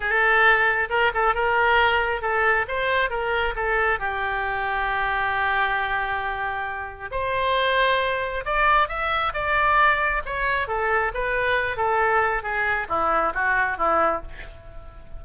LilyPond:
\new Staff \with { instrumentName = "oboe" } { \time 4/4 \tempo 4 = 135 a'2 ais'8 a'8 ais'4~ | ais'4 a'4 c''4 ais'4 | a'4 g'2.~ | g'1 |
c''2. d''4 | e''4 d''2 cis''4 | a'4 b'4. a'4. | gis'4 e'4 fis'4 e'4 | }